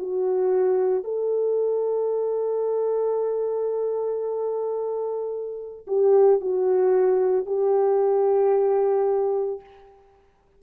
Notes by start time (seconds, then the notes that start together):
0.00 F#4
1.04 A4
5.88 G4
6.41 F#4
7.47 G4